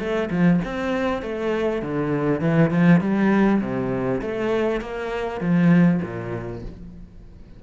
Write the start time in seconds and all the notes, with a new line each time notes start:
0.00 A3
0.31 F3
0.65 C4
1.23 A3
1.83 D3
2.41 E3
2.71 F3
3.01 G3
3.62 C3
4.22 A3
4.82 A#3
5.41 F3
6.02 A#2